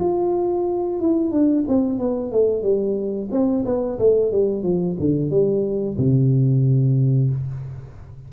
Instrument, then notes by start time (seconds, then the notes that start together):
tuba
0.00 F4
1.00 E4
1.31 D4
1.68 C4
1.99 B3
2.32 A3
2.62 G3
3.31 C4
3.65 B3
3.99 A3
4.32 G3
4.63 F3
4.99 D3
5.30 G3
5.97 C3